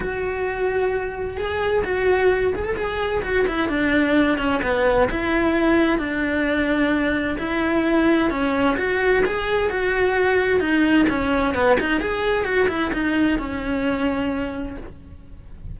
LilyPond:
\new Staff \with { instrumentName = "cello" } { \time 4/4 \tempo 4 = 130 fis'2. gis'4 | fis'4. gis'16 a'16 gis'4 fis'8 e'8 | d'4. cis'8 b4 e'4~ | e'4 d'2. |
e'2 cis'4 fis'4 | gis'4 fis'2 dis'4 | cis'4 b8 dis'8 gis'4 fis'8 e'8 | dis'4 cis'2. | }